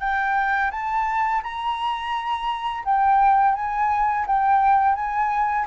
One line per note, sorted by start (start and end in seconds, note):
0.00 0.71 G5
0.71 1.41 A5
1.42 2.84 A#5
2.85 3.55 G5
3.55 4.25 G#5
4.26 4.95 G5
4.95 5.65 G#5